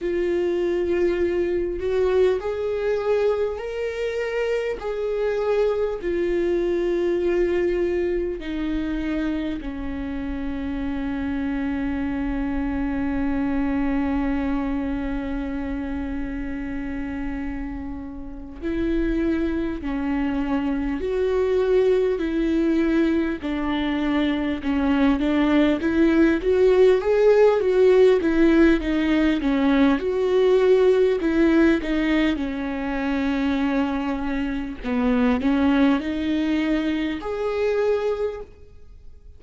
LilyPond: \new Staff \with { instrumentName = "viola" } { \time 4/4 \tempo 4 = 50 f'4. fis'8 gis'4 ais'4 | gis'4 f'2 dis'4 | cis'1~ | cis'2.~ cis'8 e'8~ |
e'8 cis'4 fis'4 e'4 d'8~ | d'8 cis'8 d'8 e'8 fis'8 gis'8 fis'8 e'8 | dis'8 cis'8 fis'4 e'8 dis'8 cis'4~ | cis'4 b8 cis'8 dis'4 gis'4 | }